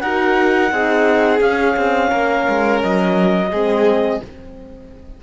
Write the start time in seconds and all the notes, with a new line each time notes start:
0.00 D#4 F#4 A#4 F#5
0.70 C4 D#4 G#4
1.39 C#4 F5
1.77 C4
2.10 A#3 A#4
2.49 G#3
2.83 F#3 D#5
3.51 G#3 C4 G#4